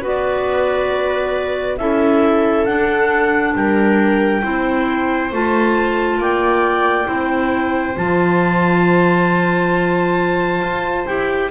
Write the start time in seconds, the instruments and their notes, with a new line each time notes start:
0.00 double bass B3, clarinet F#4, viola B4
0.07 clarinet D5
1.78 double bass C#4, clarinet E4 E5, viola A4
2.65 double bass D4, clarinet D4 F#5
3.55 double bass G3, viola A#4, clarinet G5
4.42 double bass C4, clarinet E4, viola C5
5.31 double bass A3, clarinet F4 A5
6.18 double bass A#3, viola D5, clarinet G5
7.05 double bass C4, clarinet E4, viola C5
7.95 double bass F3, clarinet F4 A5
10.61 double bass F4
11.06 double bass E4, clarinet G4 G5